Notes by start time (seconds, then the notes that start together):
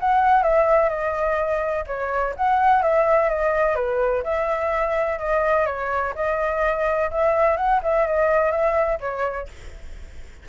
0.00 F#5
0.43 E5
0.89 D#5
1.87 C#5
2.36 F#5
2.82 E5
3.29 D#5
3.76 B4
4.24 E5
5.19 D#5
5.66 C#5
6.15 D#5
7.11 E5
7.57 F#5
7.83 E5
8.07 D#5
8.51 E5
9.00 C#5